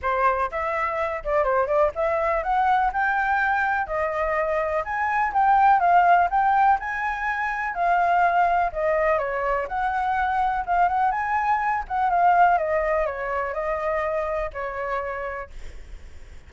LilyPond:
\new Staff \with { instrumentName = "flute" } { \time 4/4 \tempo 4 = 124 c''4 e''4. d''8 c''8 d''8 | e''4 fis''4 g''2 | dis''2 gis''4 g''4 | f''4 g''4 gis''2 |
f''2 dis''4 cis''4 | fis''2 f''8 fis''8 gis''4~ | gis''8 fis''8 f''4 dis''4 cis''4 | dis''2 cis''2 | }